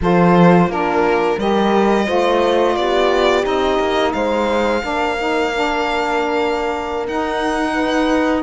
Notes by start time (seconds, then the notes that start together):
0.01 F3 F4 A4 C5
0.67 A#3 D4 F4 A#4
1.38 G3 G4 A#4 D#5
2.05 A3 F4 C5
2.75 B3 G4 D5
3.41 C4 D#4 D#5
3.79 A#3
4.12 G#3 C5 F5
4.82 A#3 D4 A#4
5.18 D#4
5.53 D4
7.07 D#4 F#5
7.74 B4